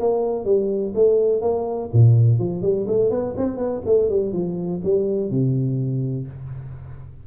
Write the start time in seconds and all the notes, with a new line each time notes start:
0.00 A#3
0.45 G3
0.95 A3
1.41 A#3
1.93 A#2
2.39 F3
2.62 G3
2.88 A3
3.10 B3
3.37 C4
3.57 B3
3.86 A3
4.09 G3
4.33 F3
4.84 G3
5.30 C3